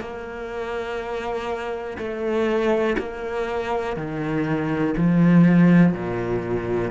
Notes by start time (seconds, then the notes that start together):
0.00 A#3
1.98 A3
2.98 A#3
3.96 D#3
4.97 F3
5.93 A#2